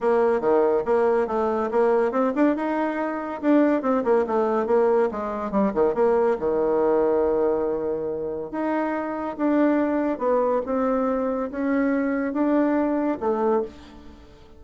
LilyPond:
\new Staff \with { instrumentName = "bassoon" } { \time 4/4 \tempo 4 = 141 ais4 dis4 ais4 a4 | ais4 c'8 d'8 dis'2 | d'4 c'8 ais8 a4 ais4 | gis4 g8 dis8 ais4 dis4~ |
dis1 | dis'2 d'2 | b4 c'2 cis'4~ | cis'4 d'2 a4 | }